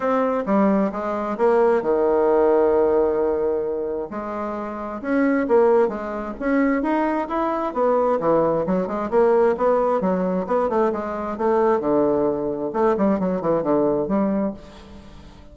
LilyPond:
\new Staff \with { instrumentName = "bassoon" } { \time 4/4 \tempo 4 = 132 c'4 g4 gis4 ais4 | dis1~ | dis4 gis2 cis'4 | ais4 gis4 cis'4 dis'4 |
e'4 b4 e4 fis8 gis8 | ais4 b4 fis4 b8 a8 | gis4 a4 d2 | a8 g8 fis8 e8 d4 g4 | }